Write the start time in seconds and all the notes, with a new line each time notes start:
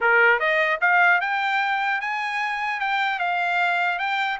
0.00 A#4
0.39 D#5
0.80 F5
1.20 G5
2.00 G#5
2.80 G5
3.19 F5
3.98 G5